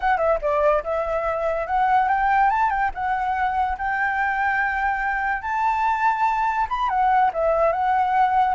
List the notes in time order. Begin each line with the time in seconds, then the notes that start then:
0.00 F#5
0.17 E5
0.41 D5
0.83 E5
1.66 F#5
2.08 G5
2.50 A5
2.70 G5
2.94 F#5
3.78 G5
5.42 A5
6.69 B5
6.89 F#5
7.33 E5
7.72 F#5